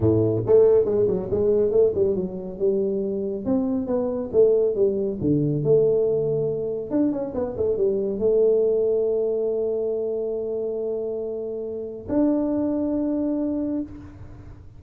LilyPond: \new Staff \with { instrumentName = "tuba" } { \time 4/4 \tempo 4 = 139 a,4 a4 gis8 fis8 gis4 | a8 g8 fis4 g2 | c'4 b4 a4 g4 | d4 a2. |
d'8 cis'8 b8 a8 g4 a4~ | a1~ | a1 | d'1 | }